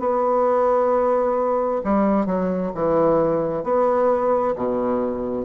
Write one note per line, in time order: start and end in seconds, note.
0.00 1.82 B3
1.84 2.26 G3
2.26 2.72 F#3
2.75 3.64 E3
3.64 4.55 B3
4.56 5.45 B2